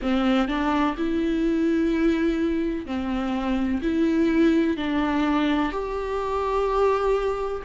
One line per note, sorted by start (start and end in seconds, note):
0.02 0.48 C4
0.48 0.95 D4
0.97 2.86 E4
2.86 3.81 C4
3.81 4.76 E4
4.76 5.71 D4
5.71 7.62 G4